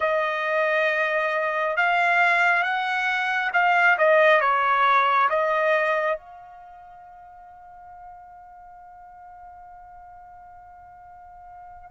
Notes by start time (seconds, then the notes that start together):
0.00 D#5
1.76 F5
2.63 F#5
3.53 F5
3.97 D#5
4.40 C#5
5.29 D#5
6.17 F5